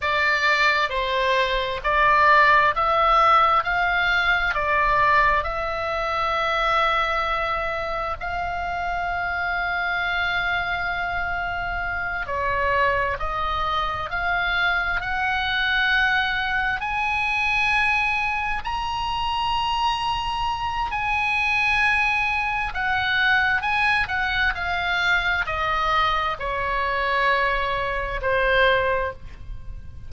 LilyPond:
\new Staff \with { instrumentName = "oboe" } { \time 4/4 \tempo 4 = 66 d''4 c''4 d''4 e''4 | f''4 d''4 e''2~ | e''4 f''2.~ | f''4. cis''4 dis''4 f''8~ |
f''8 fis''2 gis''4.~ | gis''8 ais''2~ ais''8 gis''4~ | gis''4 fis''4 gis''8 fis''8 f''4 | dis''4 cis''2 c''4 | }